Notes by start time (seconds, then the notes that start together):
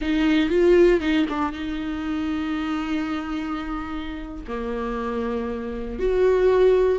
0.01 D#4
0.49 F4
1.00 D#4
1.29 D4
1.52 D#4
4.47 A#3
5.99 F#4